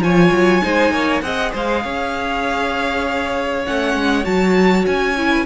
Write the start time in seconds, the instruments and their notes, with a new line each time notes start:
0.00 cello F3, viola F4, violin C#5 G#5
0.31 cello F#3
0.62 cello G#3, viola D#4, violin C5
0.91 cello A#3, violin C#5
1.21 cello C4, viola G#4, violin D#5 F#5
1.52 cello G#3, violin C5 F5
1.83 cello C#4, violin C#5
3.65 cello A3, viola C#4, violin F#5
3.95 cello G#3
4.24 cello F#3, viola F#4, violin A5
4.86 cello C#4, violin G#5
5.17 viola E4
5.30 violin B4